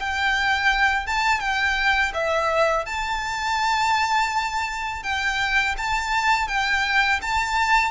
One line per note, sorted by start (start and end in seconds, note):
0.00 1.07 G5
1.07 1.40 A5
1.40 2.12 G5
2.14 2.86 E5
2.86 5.03 A5
5.03 5.76 G5
5.78 6.48 A5
6.48 7.21 G5
7.22 7.92 A5